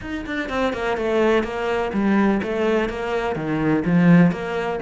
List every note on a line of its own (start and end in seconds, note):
0.01 0.25 D#4
0.26 0.49 D4
0.49 0.73 C4
0.73 0.97 A#3
0.97 1.43 A3
1.43 1.91 A#3
1.93 2.41 G3
2.42 2.89 A3
2.89 3.35 A#3
3.35 3.83 D#3
3.85 4.31 F3
4.31 4.79 A#3